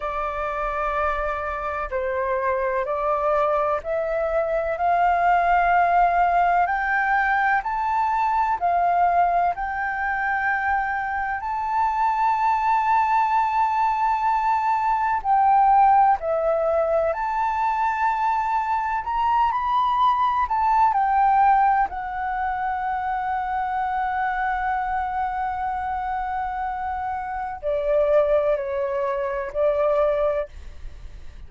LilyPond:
\new Staff \with { instrumentName = "flute" } { \time 4/4 \tempo 4 = 63 d''2 c''4 d''4 | e''4 f''2 g''4 | a''4 f''4 g''2 | a''1 |
g''4 e''4 a''2 | ais''8 b''4 a''8 g''4 fis''4~ | fis''1~ | fis''4 d''4 cis''4 d''4 | }